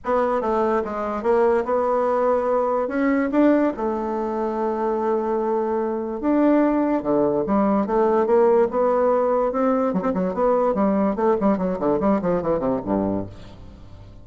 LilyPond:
\new Staff \with { instrumentName = "bassoon" } { \time 4/4 \tempo 4 = 145 b4 a4 gis4 ais4 | b2. cis'4 | d'4 a2.~ | a2. d'4~ |
d'4 d4 g4 a4 | ais4 b2 c'4 | fis16 c'16 fis8 b4 g4 a8 g8 | fis8 d8 g8 f8 e8 c8 g,4 | }